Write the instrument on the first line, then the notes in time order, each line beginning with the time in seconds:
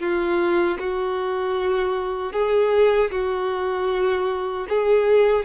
violin
0.00 F4
0.80 F#4
2.33 G#4
3.12 F#4
4.70 G#4